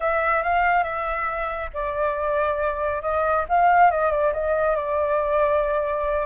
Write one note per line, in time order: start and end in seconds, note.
0.00 0.43 E5
0.43 0.83 F5
0.83 1.70 E5
1.73 3.02 D5
3.02 3.45 D#5
3.48 3.91 F5
3.91 4.11 D#5
4.11 4.32 D5
4.33 4.75 D#5
4.75 6.26 D5